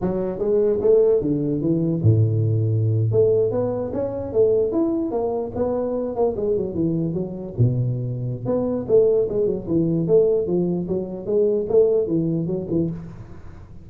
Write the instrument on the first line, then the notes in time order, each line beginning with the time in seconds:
tuba
0.01 F#3
0.39 G#3
0.81 A3
1.21 D3
1.61 E3
2.02 A2
3.11 A3
3.51 B3
3.93 C#4
4.33 A3
4.72 E4
5.11 A#3
5.55 B3
6.15 A#3
6.36 G#3
6.56 F#3
6.74 E3
7.13 F#3
7.57 B2
8.45 B3
8.87 A3
9.29 G#3
9.46 F#3
9.67 E3
10.07 A3
10.46 F3
10.87 F#3
11.26 G#3
11.69 A3
12.07 E3
12.46 F#3
12.70 E3